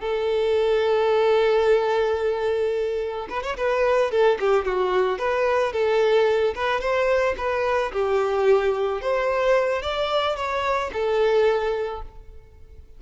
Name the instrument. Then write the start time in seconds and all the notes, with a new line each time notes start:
violin
0.00 A4
3.29 B4
3.43 C#5
3.57 B4
4.11 A4
4.40 G4
4.65 F#4
5.18 B4
5.72 A4
6.55 B4
6.81 C5
7.37 B4
7.92 G4
9.01 C5
9.82 D5
10.36 C#5
10.93 A4